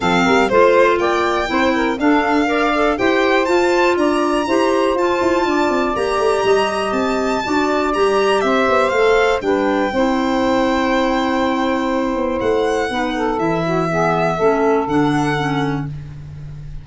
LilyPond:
<<
  \new Staff \with { instrumentName = "violin" } { \time 4/4 \tempo 4 = 121 f''4 c''4 g''2 | f''2 g''4 a''4 | ais''2 a''2 | ais''2 a''2 |
ais''4 e''4 f''4 g''4~ | g''1~ | g''4 fis''2 e''4~ | e''2 fis''2 | }
  \new Staff \with { instrumentName = "saxophone" } { \time 4/4 a'8 ais'8 c''4 d''4 c''8 ais'8 | a'4 d''4 c''2 | d''4 c''2 d''4~ | d''4 dis''2 d''4~ |
d''4 c''2 b'4 | c''1~ | c''2 b'8 a'4 fis'8 | gis'4 a'2. | }
  \new Staff \with { instrumentName = "clarinet" } { \time 4/4 c'4 f'2 e'4 | d'4 ais'8 a'8 g'4 f'4~ | f'4 g'4 f'2 | g'2. fis'4 |
g'2 a'4 d'4 | e'1~ | e'2 dis'4 e'4 | b4 cis'4 d'4 cis'4 | }
  \new Staff \with { instrumentName = "tuba" } { \time 4/4 f8 g8 a4 ais4 c'4 | d'2 e'4 f'4 | d'4 e'4 f'8 e'8 d'8 c'8 | ais8 a8 g4 c'4 d'4 |
g4 c'8 b8 a4 g4 | c'1~ | c'8 b8 a4 b4 e4~ | e4 a4 d2 | }
>>